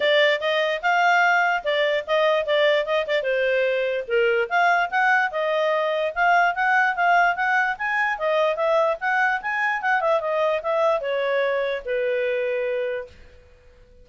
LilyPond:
\new Staff \with { instrumentName = "clarinet" } { \time 4/4 \tempo 4 = 147 d''4 dis''4 f''2 | d''4 dis''4 d''4 dis''8 d''8 | c''2 ais'4 f''4 | fis''4 dis''2 f''4 |
fis''4 f''4 fis''4 gis''4 | dis''4 e''4 fis''4 gis''4 | fis''8 e''8 dis''4 e''4 cis''4~ | cis''4 b'2. | }